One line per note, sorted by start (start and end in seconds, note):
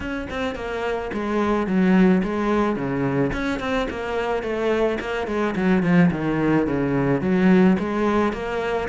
0.00 0.28 C#4
0.30 0.55 C4
0.55 1.11 A#3
1.13 1.66 G#3
1.66 2.22 F#3
2.23 2.76 G#3
2.76 3.31 C#3
3.33 3.59 C#4
3.59 3.87 C4
3.90 4.42 A#3
4.42 4.98 A3
4.99 5.27 A#3
5.27 5.55 G#3
5.55 5.82 F#3
5.82 6.10 F3
6.11 6.66 D#3
6.66 7.21 C#3
7.21 7.77 F#3
7.79 8.33 G#3
8.33 8.88 A#3